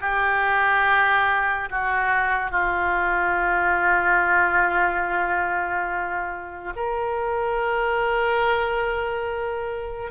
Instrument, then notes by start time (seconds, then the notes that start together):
oboe
0.00 G4
1.70 F#4
2.51 F4
6.76 A#4